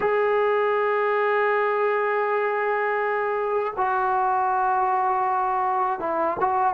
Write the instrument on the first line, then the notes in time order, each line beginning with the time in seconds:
trombone
0.00 G#4
3.76 F#4
5.99 E4
6.40 F#4